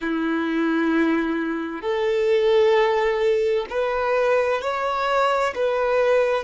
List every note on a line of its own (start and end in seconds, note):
0.01 1.81 E4
1.81 3.66 A4
3.69 4.61 B4
4.61 5.53 C#5
5.54 6.43 B4